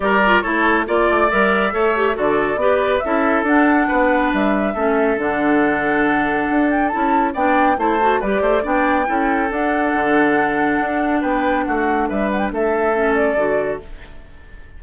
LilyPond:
<<
  \new Staff \with { instrumentName = "flute" } { \time 4/4 \tempo 4 = 139 d''4 cis''4 d''4 e''4~ | e''4 d''2 e''4 | fis''2 e''2 | fis''2.~ fis''8 g''8 |
a''4 g''4 a''4 d''4 | g''2 fis''2~ | fis''2 g''4 fis''4 | e''8 fis''16 g''16 e''4. d''4. | }
  \new Staff \with { instrumentName = "oboe" } { \time 4/4 ais'4 a'4 d''2 | cis''4 a'4 b'4 a'4~ | a'4 b'2 a'4~ | a'1~ |
a'4 d''4 c''4 b'8 c''8 | d''4 a'2.~ | a'2 b'4 fis'4 | b'4 a'2. | }
  \new Staff \with { instrumentName = "clarinet" } { \time 4/4 g'8 f'8 e'4 f'4 ais'4 | a'8 g'8 fis'4 g'4 e'4 | d'2. cis'4 | d'1 |
e'4 d'4 e'8 fis'8 g'4 | d'4 e'4 d'2~ | d'1~ | d'2 cis'4 fis'4 | }
  \new Staff \with { instrumentName = "bassoon" } { \time 4/4 g4 a4 ais8 a8 g4 | a4 d4 b4 cis'4 | d'4 b4 g4 a4 | d2. d'4 |
cis'4 b4 a4 g8 a8 | b4 cis'4 d'4 d4~ | d4 d'4 b4 a4 | g4 a2 d4 | }
>>